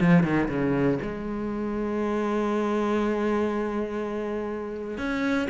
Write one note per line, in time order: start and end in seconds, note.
0.00 0.23 F3
0.23 0.48 D#3
0.48 0.98 C#3
1.02 4.98 G#3
4.98 5.48 C#4